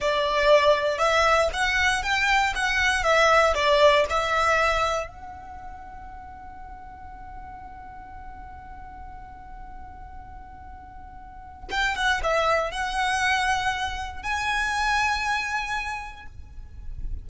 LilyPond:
\new Staff \with { instrumentName = "violin" } { \time 4/4 \tempo 4 = 118 d''2 e''4 fis''4 | g''4 fis''4 e''4 d''4 | e''2 fis''2~ | fis''1~ |
fis''1~ | fis''2. g''8 fis''8 | e''4 fis''2. | gis''1 | }